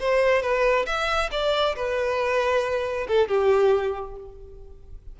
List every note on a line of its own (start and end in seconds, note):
0.00 0.42 C5
0.42 0.86 B4
0.86 1.30 E5
1.32 1.75 D5
1.76 3.07 B4
3.08 3.28 A4
3.28 4.16 G4